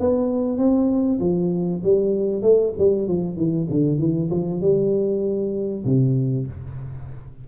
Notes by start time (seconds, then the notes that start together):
0.00 B3
0.58 C4
1.20 F3
1.84 G3
2.42 A3
2.79 G3
3.08 F3
3.37 E3
3.70 D3
3.99 E3
4.30 F3
4.61 G3
5.85 C3